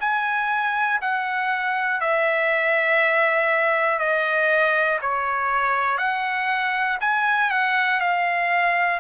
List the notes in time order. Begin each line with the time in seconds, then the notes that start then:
0.00 G#5
1.02 F#5
2.01 E5
3.99 D#5
5.01 C#5
5.98 F#5
7.00 G#5
7.51 F#5
8.00 F5